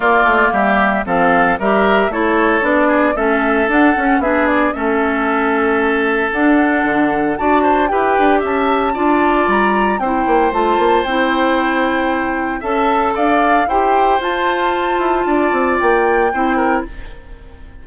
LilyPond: <<
  \new Staff \with { instrumentName = "flute" } { \time 4/4 \tempo 4 = 114 d''4 e''4 f''4 e''4 | cis''4 d''4 e''4 fis''4 | e''8 d''8 e''2. | fis''2 a''4 g''4 |
a''2 ais''4 g''4 | a''4 g''2. | a''4 f''4 g''4 a''4~ | a''2 g''2 | }
  \new Staff \with { instrumentName = "oboe" } { \time 4/4 f'4 g'4 a'4 ais'4 | a'4. gis'8 a'2 | gis'4 a'2.~ | a'2 d''8 c''8 b'4 |
e''4 d''2 c''4~ | c''1 | e''4 d''4 c''2~ | c''4 d''2 c''8 ais'8 | }
  \new Staff \with { instrumentName = "clarinet" } { \time 4/4 ais2 c'4 g'4 | e'4 d'4 cis'4 d'8 cis'8 | d'4 cis'2. | d'2 fis'4 g'4~ |
g'4 f'2 e'4 | f'4 e'2. | a'2 g'4 f'4~ | f'2. e'4 | }
  \new Staff \with { instrumentName = "bassoon" } { \time 4/4 ais8 a8 g4 f4 g4 | a4 b4 a4 d'8 cis'8 | b4 a2. | d'4 d4 d'4 e'8 d'8 |
cis'4 d'4 g4 c'8 ais8 | a8 ais8 c'2. | cis'4 d'4 e'4 f'4~ | f'8 e'8 d'8 c'8 ais4 c'4 | }
>>